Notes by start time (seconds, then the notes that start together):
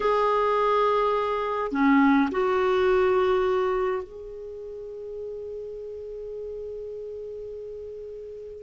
0.00 G#4
1.71 C#4
2.31 F#4
4.03 G#4